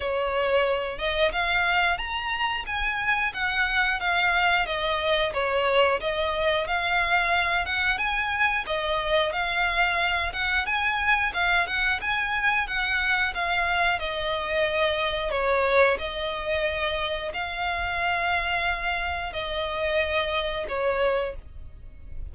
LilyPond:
\new Staff \with { instrumentName = "violin" } { \time 4/4 \tempo 4 = 90 cis''4. dis''8 f''4 ais''4 | gis''4 fis''4 f''4 dis''4 | cis''4 dis''4 f''4. fis''8 | gis''4 dis''4 f''4. fis''8 |
gis''4 f''8 fis''8 gis''4 fis''4 | f''4 dis''2 cis''4 | dis''2 f''2~ | f''4 dis''2 cis''4 | }